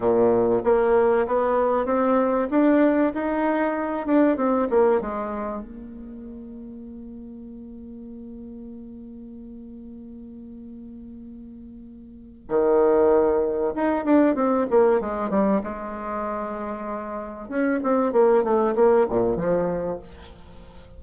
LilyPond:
\new Staff \with { instrumentName = "bassoon" } { \time 4/4 \tempo 4 = 96 ais,4 ais4 b4 c'4 | d'4 dis'4. d'8 c'8 ais8 | gis4 ais2.~ | ais1~ |
ais1 | dis2 dis'8 d'8 c'8 ais8 | gis8 g8 gis2. | cis'8 c'8 ais8 a8 ais8 ais,8 f4 | }